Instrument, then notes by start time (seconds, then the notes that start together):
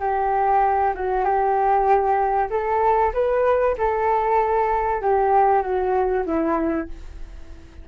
flute
0.00 G4
0.95 F#4
1.25 G4
2.51 A4
3.14 B4
3.78 A4
5.02 G4
5.63 F#4
6.26 E4